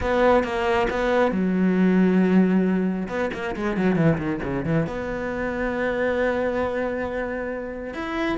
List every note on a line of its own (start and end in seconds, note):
0.00 0.43 B3
0.43 0.87 A#3
0.90 1.31 B3
1.31 3.08 F#3
3.08 3.30 B3
3.33 3.55 A#3
3.55 3.77 G#3
3.77 3.95 F#3
3.95 4.17 E3
4.18 4.40 D#3
4.43 4.65 C#3
4.65 4.86 E3
4.86 7.94 B3
7.94 8.38 E4